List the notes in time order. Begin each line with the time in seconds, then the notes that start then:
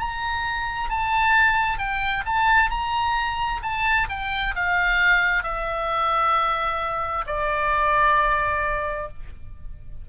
0.00 A#5
0.90 A5
1.79 G5
2.26 A5
2.71 A#5
3.63 A5
4.10 G5
4.56 F5
5.44 E5
7.27 D5